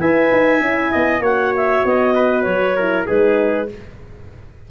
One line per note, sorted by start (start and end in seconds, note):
0.00 0.31 E4
0.00 0.61 B4
0.00 0.92 E5
0.00 1.23 G#5
0.32 0.61 D#4
0.61 0.91 C#4
0.61 1.22 E4
0.92 1.20 B3
0.92 1.22 D#5
1.20 1.81 A#3
1.20 2.76 F#4
1.20 2.14 C#5
1.20 1.54 F#5
1.56 1.86 E5
1.85 2.46 B3
1.85 2.43 D#5
2.15 2.76 B4
2.43 3.07 F#3
2.43 3.04 C#5
2.76 3.07 E4
2.76 3.06 A#4
3.06 3.70 G#3
3.06 3.68 D#4
3.06 3.68 G#4
3.06 3.69 B4